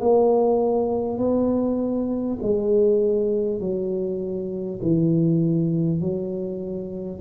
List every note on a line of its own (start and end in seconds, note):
0.00 1.18 A#3
1.18 2.38 B3
2.42 3.60 G#3
3.60 4.80 F#3
4.82 6.01 E3
6.01 7.21 F#3